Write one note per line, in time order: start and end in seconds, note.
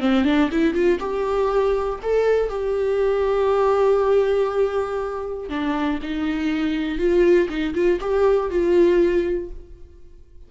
0.00 0.24 C4
0.24 0.49 D4
0.51 0.74 E4
0.74 0.99 F4
1.00 2.00 G4
2.03 2.49 A4
2.49 5.49 G4
5.49 5.99 D4
6.02 6.98 D#4
6.98 7.48 F4
7.49 7.74 D#4
7.74 7.99 F4
8.00 8.50 G4
8.50 9.50 F4